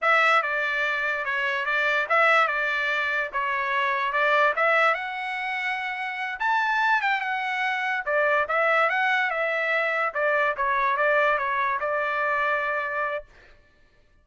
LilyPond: \new Staff \with { instrumentName = "trumpet" } { \time 4/4 \tempo 4 = 145 e''4 d''2 cis''4 | d''4 e''4 d''2 | cis''2 d''4 e''4 | fis''2.~ fis''8 a''8~ |
a''4 g''8 fis''2 d''8~ | d''8 e''4 fis''4 e''4.~ | e''8 d''4 cis''4 d''4 cis''8~ | cis''8 d''2.~ d''8 | }